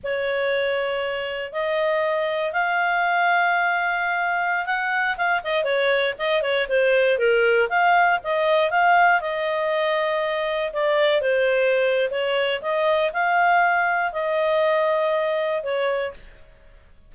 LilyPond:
\new Staff \with { instrumentName = "clarinet" } { \time 4/4 \tempo 4 = 119 cis''2. dis''4~ | dis''4 f''2.~ | f''4~ f''16 fis''4 f''8 dis''8 cis''8.~ | cis''16 dis''8 cis''8 c''4 ais'4 f''8.~ |
f''16 dis''4 f''4 dis''4.~ dis''16~ | dis''4~ dis''16 d''4 c''4.~ c''16 | cis''4 dis''4 f''2 | dis''2. cis''4 | }